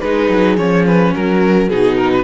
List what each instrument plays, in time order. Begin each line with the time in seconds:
0.00 cello G#3, viola D#4, horn G#4, violin B4
0.30 cello F#3
0.57 cello F3, viola C#4, violin C#5
0.86 violin B4
1.12 cello F#3, horn F#4, violin A#4
1.68 cello B2, viola D#4, violin G#4
1.97 violin A#4
2.12 violin B4